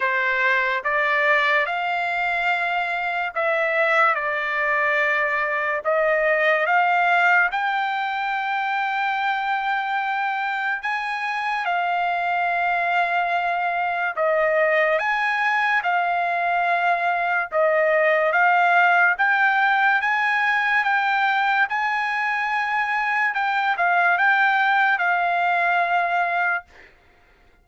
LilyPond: \new Staff \with { instrumentName = "trumpet" } { \time 4/4 \tempo 4 = 72 c''4 d''4 f''2 | e''4 d''2 dis''4 | f''4 g''2.~ | g''4 gis''4 f''2~ |
f''4 dis''4 gis''4 f''4~ | f''4 dis''4 f''4 g''4 | gis''4 g''4 gis''2 | g''8 f''8 g''4 f''2 | }